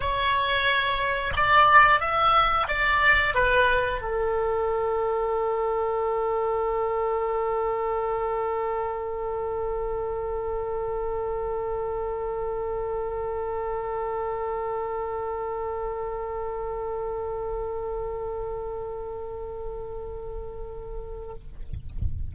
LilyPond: \new Staff \with { instrumentName = "oboe" } { \time 4/4 \tempo 4 = 90 cis''2 d''4 e''4 | d''4 b'4 a'2~ | a'1~ | a'1~ |
a'1~ | a'1~ | a'1~ | a'1 | }